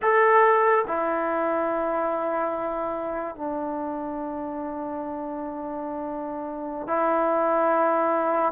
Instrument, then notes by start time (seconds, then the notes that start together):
trombone
0.02 A4
0.87 E4
3.35 D4
6.87 E4